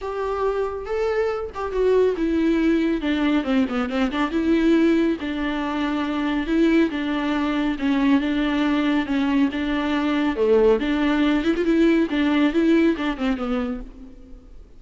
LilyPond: \new Staff \with { instrumentName = "viola" } { \time 4/4 \tempo 4 = 139 g'2 a'4. g'8 | fis'4 e'2 d'4 | c'8 b8 c'8 d'8 e'2 | d'2. e'4 |
d'2 cis'4 d'4~ | d'4 cis'4 d'2 | a4 d'4. e'16 f'16 e'4 | d'4 e'4 d'8 c'8 b4 | }